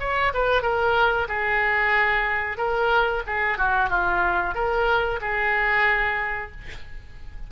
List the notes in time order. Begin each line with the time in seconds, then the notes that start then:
0.00 C#5
0.34 B4
0.62 A#4
1.28 G#4
2.58 A#4
3.26 G#4
3.58 F#4
3.90 F4
4.54 A#4
5.21 G#4